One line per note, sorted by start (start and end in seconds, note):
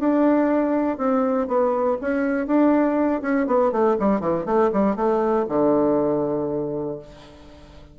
0.00 0.98 D4
0.98 1.48 C4
1.48 1.98 B3
2.01 2.47 C#4
2.47 3.22 D4
3.22 3.47 C#4
3.47 3.72 B3
3.72 3.97 A3
4.00 4.21 G3
4.21 4.46 E3
4.46 4.71 A3
4.73 4.96 G3
4.96 5.46 A3
5.49 6.99 D3